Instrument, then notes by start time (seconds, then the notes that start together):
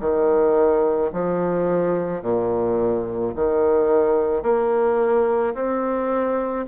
bassoon
0.00 D#3
1.12 F3
2.22 A#2
3.35 D#3
4.42 A#3
5.54 C4